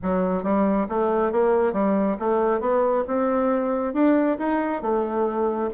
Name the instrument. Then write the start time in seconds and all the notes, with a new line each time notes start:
bassoon
0.02 F#3
0.43 G3
0.88 A3
1.32 A#3
1.72 G3
2.19 A3
2.60 B3
3.07 C4
3.93 D4
4.38 D#4
4.82 A3